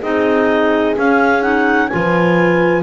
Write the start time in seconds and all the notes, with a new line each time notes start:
0.00 C4 D#4 G#4 D#5
0.96 C#4 F5
1.42 D#4 F#5
1.88 F3 F4 B4 G#5